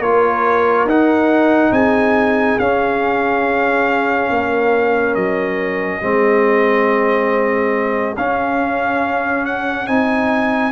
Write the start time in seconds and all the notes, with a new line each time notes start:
0.00 A#3 F4 A#4 C#5
0.85 D#4 F#5
1.71 C4 G#4 G#5
2.59 C#4 F5
4.30 A#3 A#4
5.15 F#3 D#5
6.01 G#3 C4 G#4
8.17 C#4 F5
9.45 F#5
9.87 C4 D#4 G#5